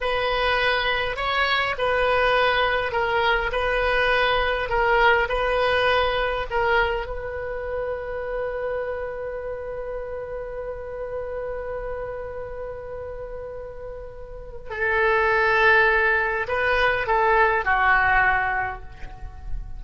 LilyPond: \new Staff \with { instrumentName = "oboe" } { \time 4/4 \tempo 4 = 102 b'2 cis''4 b'4~ | b'4 ais'4 b'2 | ais'4 b'2 ais'4 | b'1~ |
b'1~ | b'1~ | b'4 a'2. | b'4 a'4 fis'2 | }